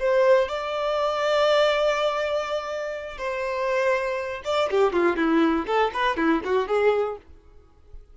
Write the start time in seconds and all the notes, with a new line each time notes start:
0.00 C5
0.49 D5
3.18 C5
4.45 D5
4.71 G4
4.93 F4
5.17 E4
5.67 A4
5.94 B4
6.17 E4
6.45 F#4
6.68 G#4